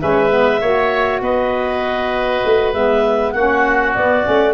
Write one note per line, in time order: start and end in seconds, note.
0.00 0.62 G#3
0.00 0.30 C#4
0.00 0.61 B4
0.00 1.22 E5
0.30 0.60 B3
0.61 1.21 A#3
0.61 2.74 F#4
0.61 1.22 C#5
1.21 2.42 B3
1.21 3.34 B4
1.21 2.73 D#5
2.45 2.73 A3
2.73 3.34 G#3
2.73 3.35 B3
2.73 3.32 E5
3.32 3.95 A#3
3.32 3.96 C#4
3.32 4.54 F#4
3.32 3.93 F#5
3.94 4.23 B3
3.94 4.27 B3
3.94 4.54 D5
4.23 4.54 A3
4.23 4.54 C#4